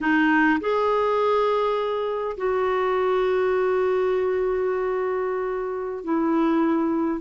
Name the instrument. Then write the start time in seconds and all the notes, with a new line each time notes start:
clarinet
0.00 D#4
0.60 G#4
2.37 F#4
6.03 E4